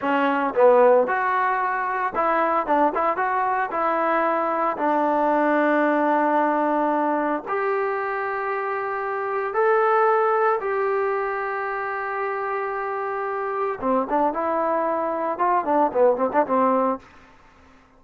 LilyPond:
\new Staff \with { instrumentName = "trombone" } { \time 4/4 \tempo 4 = 113 cis'4 b4 fis'2 | e'4 d'8 e'8 fis'4 e'4~ | e'4 d'2.~ | d'2 g'2~ |
g'2 a'2 | g'1~ | g'2 c'8 d'8 e'4~ | e'4 f'8 d'8 b8 c'16 d'16 c'4 | }